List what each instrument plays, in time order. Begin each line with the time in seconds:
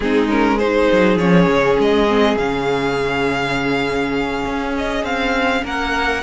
0.00 cello G#3, viola C4, violin D#4 G#4
0.29 viola C#4, violin A#4
0.55 viola D#4, violin G#4 C5
0.92 cello F#3
1.17 cello F3, viola C#4, violin C#5
1.47 cello C#3
1.79 cello G#3, violin D#5
2.07 viola C4
2.36 cello C#3, viola C#4, violin F5
4.45 cello C#4
4.77 violin D#5
5.03 cello C4, violin F5
5.64 cello A#3, violin A#4 F#5